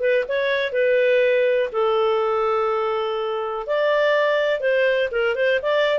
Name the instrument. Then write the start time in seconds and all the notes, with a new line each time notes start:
clarinet
0.00 B4
0.29 C#5
0.73 B4
1.73 A4
3.67 D5
4.61 C5
5.12 A#4
5.36 C5
5.63 D5